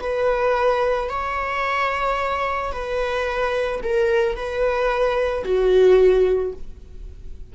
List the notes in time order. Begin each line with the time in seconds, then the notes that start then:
0.00 B4
1.09 C#5
2.72 B4
3.83 A#4
4.36 B4
5.44 F#4